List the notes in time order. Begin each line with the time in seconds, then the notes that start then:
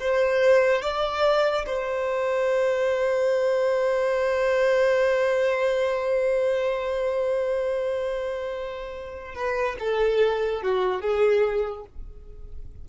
0.00 C5
0.83 D5
1.67 C5
9.35 B4
9.80 A4
10.63 F#4
11.02 G#4